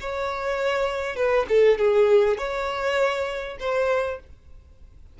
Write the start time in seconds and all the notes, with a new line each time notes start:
0.00 C#5
1.16 B4
1.49 A4
1.78 G#4
2.37 C#5
3.59 C5